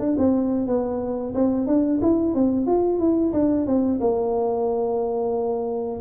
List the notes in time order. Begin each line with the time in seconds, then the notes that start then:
0.00 D4
0.18 C4
0.67 B3
1.35 C4
1.67 D4
2.02 E4
2.35 C4
2.67 F4
2.99 E4
3.33 D4
3.67 C4
4.01 A#3